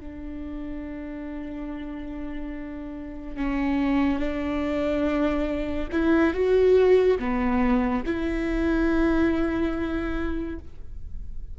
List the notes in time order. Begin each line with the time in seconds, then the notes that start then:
0.00 D4
3.36 C#4
4.19 D4
5.91 E4
6.33 F#4
7.18 B3
8.05 E4